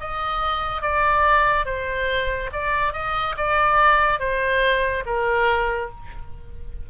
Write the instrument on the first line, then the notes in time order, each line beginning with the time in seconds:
oboe
0.00 D#5
0.82 D5
1.66 C5
2.53 D5
2.93 D#5
3.37 D5
4.19 C5
5.06 A#4